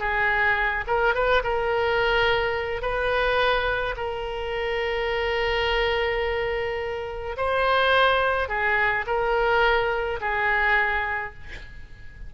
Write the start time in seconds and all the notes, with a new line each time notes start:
0.00 G#4
0.87 A#4
1.15 B4
1.44 A#4
2.82 B4
3.97 A#4
7.37 C5
8.49 G#4
9.07 A#4
10.21 G#4